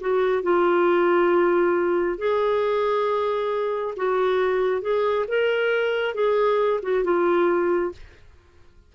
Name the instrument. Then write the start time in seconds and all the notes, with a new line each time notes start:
clarinet
0.00 F#4
0.43 F4
2.18 G#4
3.96 F#4
4.81 G#4
5.28 A#4
6.14 G#4
6.82 F#4
7.03 F4